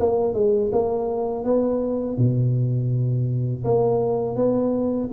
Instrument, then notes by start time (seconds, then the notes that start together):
tuba
0.00 A#3
0.34 G#3
0.72 A#3
1.44 B3
2.17 B2
3.64 A#3
4.36 B3